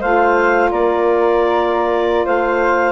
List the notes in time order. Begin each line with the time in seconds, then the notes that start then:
0.00 A3 F4 C5 F5
0.70 A#3 A#4 D5
2.25 A3 C5 F5